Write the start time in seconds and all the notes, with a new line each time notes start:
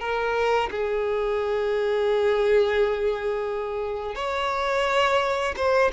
0.00 A#4
0.71 G#4
4.15 C#5
5.57 C5